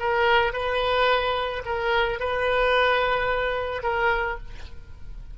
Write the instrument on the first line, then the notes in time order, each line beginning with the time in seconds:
oboe
0.00 A#4
0.53 B4
1.66 A#4
2.20 B4
3.83 A#4